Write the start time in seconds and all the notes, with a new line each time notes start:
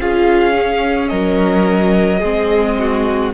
0.00 C#4 F4 G#4 F5
0.53 C#4
1.08 F#3 A#4 D#5
2.19 G#3 C4 G#4
2.79 F#4